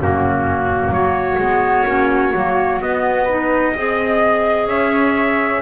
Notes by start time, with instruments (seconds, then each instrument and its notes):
0.00 double bass F#2, clarinet A#3, flute C#4, trumpet F#4
0.89 double bass F#3, flute F#4, trumpet C#5
1.38 double bass G#3, clarinet B3
1.86 double bass A#3, clarinet C#4
2.34 double bass F#3, clarinet A#3
2.80 clarinet B3, double bass B3, trumpet D#5
3.24 clarinet D#4, flute B4
3.74 double bass C4, clarinet G#4, flute D#5
4.66 double bass C#4, flute C#5, trumpet E5